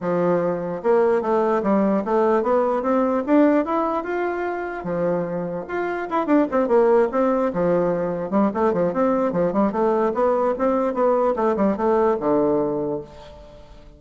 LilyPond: \new Staff \with { instrumentName = "bassoon" } { \time 4/4 \tempo 4 = 148 f2 ais4 a4 | g4 a4 b4 c'4 | d'4 e'4 f'2 | f2 f'4 e'8 d'8 |
c'8 ais4 c'4 f4.~ | f8 g8 a8 f8 c'4 f8 g8 | a4 b4 c'4 b4 | a8 g8 a4 d2 | }